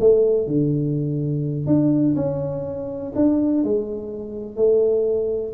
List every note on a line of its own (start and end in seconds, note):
0.00 0.47 A3
0.47 1.67 D3
1.67 2.15 D4
2.16 3.13 C#4
3.15 3.64 D4
3.64 4.56 G#3
4.56 5.53 A3